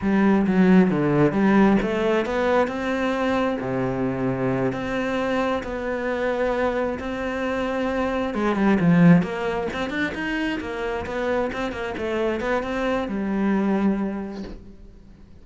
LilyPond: \new Staff \with { instrumentName = "cello" } { \time 4/4 \tempo 4 = 133 g4 fis4 d4 g4 | a4 b4 c'2 | c2~ c8 c'4.~ | c'8 b2. c'8~ |
c'2~ c'8 gis8 g8 f8~ | f8 ais4 c'8 d'8 dis'4 ais8~ | ais8 b4 c'8 ais8 a4 b8 | c'4 g2. | }